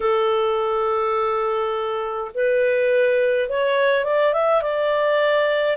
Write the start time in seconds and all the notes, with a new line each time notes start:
0.00 A4
2.34 B4
3.49 C#5
4.04 D5
4.33 E5
4.62 D5